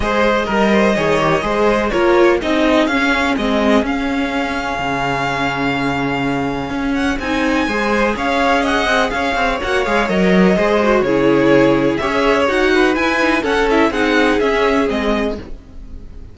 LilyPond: <<
  \new Staff \with { instrumentName = "violin" } { \time 4/4 \tempo 4 = 125 dis''1 | cis''4 dis''4 f''4 dis''4 | f''1~ | f''2~ f''8 fis''8 gis''4~ |
gis''4 f''4 fis''4 f''4 | fis''8 f''8 dis''2 cis''4~ | cis''4 e''4 fis''4 gis''4 | fis''8 e''8 fis''4 e''4 dis''4 | }
  \new Staff \with { instrumentName = "violin" } { \time 4/4 c''4 ais'8 c''8 cis''4 c''4 | ais'4 gis'2.~ | gis'1~ | gis'1 |
c''4 cis''4 dis''4 cis''4~ | cis''2 c''4 gis'4~ | gis'4 cis''4. b'4. | a'4 gis'2. | }
  \new Staff \with { instrumentName = "viola" } { \time 4/4 gis'4 ais'4 gis'8 g'8 gis'4 | f'4 dis'4 cis'4 c'4 | cis'1~ | cis'2. dis'4 |
gis'1 | fis'8 gis'8 ais'4 gis'8 fis'8 e'4~ | e'4 gis'4 fis'4 e'8 dis'8 | cis'8 e'8 dis'4 cis'4 c'4 | }
  \new Staff \with { instrumentName = "cello" } { \time 4/4 gis4 g4 dis4 gis4 | ais4 c'4 cis'4 gis4 | cis'2 cis2~ | cis2 cis'4 c'4 |
gis4 cis'4. c'8 cis'8 c'8 | ais8 gis8 fis4 gis4 cis4~ | cis4 cis'4 dis'4 e'4 | cis'4 c'4 cis'4 gis4 | }
>>